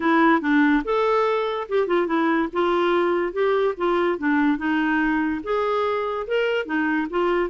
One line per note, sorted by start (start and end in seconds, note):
0.00 0.41 E4
0.41 0.82 D4
0.84 1.67 A4
1.68 1.87 G4
1.87 2.06 F4
2.06 2.48 E4
2.52 3.32 F4
3.32 3.74 G4
3.77 4.18 F4
4.18 4.57 D4
4.57 5.41 D#4
5.43 6.27 G#4
6.27 6.65 A#4
6.65 7.07 D#4
7.10 7.50 F4